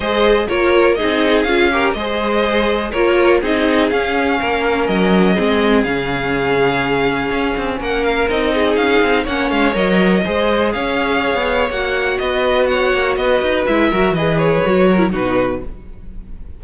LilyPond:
<<
  \new Staff \with { instrumentName = "violin" } { \time 4/4 \tempo 4 = 123 dis''4 cis''4 dis''4 f''4 | dis''2 cis''4 dis''4 | f''2 dis''2 | f''1 |
fis''8 f''8 dis''4 f''4 fis''8 f''8 | dis''2 f''2 | fis''4 dis''4 fis''4 dis''4 | e''4 dis''8 cis''4. b'4 | }
  \new Staff \with { instrumentName = "violin" } { \time 4/4 c''4 ais'4 gis'4. ais'8 | c''2 ais'4 gis'4~ | gis'4 ais'2 gis'4~ | gis'1 |
ais'4. gis'4. cis''4~ | cis''4 c''4 cis''2~ | cis''4 b'4 cis''4 b'4~ | b'8 ais'8 b'4. ais'8 fis'4 | }
  \new Staff \with { instrumentName = "viola" } { \time 4/4 gis'4 f'4 dis'4 f'8 g'8 | gis'2 f'4 dis'4 | cis'2. c'4 | cis'1~ |
cis'4 dis'2 cis'4 | ais'4 gis'2. | fis'1 | e'8 fis'8 gis'4 fis'8. e'16 dis'4 | }
  \new Staff \with { instrumentName = "cello" } { \time 4/4 gis4 ais4 c'4 cis'4 | gis2 ais4 c'4 | cis'4 ais4 fis4 gis4 | cis2. cis'8 c'8 |
ais4 c'4 cis'8 c'8 ais8 gis8 | fis4 gis4 cis'4~ cis'16 b8. | ais4 b4. ais8 b8 dis'8 | gis8 fis8 e4 fis4 b,4 | }
>>